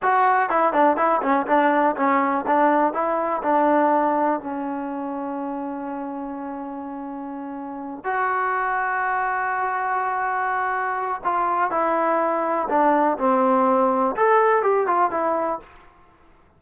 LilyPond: \new Staff \with { instrumentName = "trombone" } { \time 4/4 \tempo 4 = 123 fis'4 e'8 d'8 e'8 cis'8 d'4 | cis'4 d'4 e'4 d'4~ | d'4 cis'2.~ | cis'1~ |
cis'8 fis'2.~ fis'8~ | fis'2. f'4 | e'2 d'4 c'4~ | c'4 a'4 g'8 f'8 e'4 | }